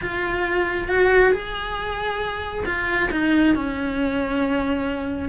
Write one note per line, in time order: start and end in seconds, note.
0.01 0.87 F4
0.87 1.32 F#4
1.32 2.64 G#4
2.65 3.09 F4
3.11 3.55 D#4
3.55 5.28 C#4